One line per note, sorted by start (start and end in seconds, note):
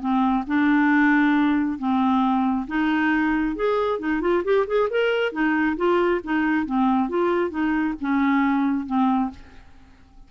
0.00 0.44 C4
0.47 1.78 D4
1.78 2.67 C4
2.67 3.55 D#4
3.56 3.98 G#4
3.98 4.21 D#4
4.21 4.43 F4
4.44 4.66 G4
4.67 4.89 G#4
4.90 5.32 A#4
5.32 5.76 D#4
5.77 6.21 F4
6.23 6.65 D#4
6.65 7.09 C4
7.09 7.50 F4
7.50 7.94 D#4
8.00 8.86 C#4
8.86 9.30 C4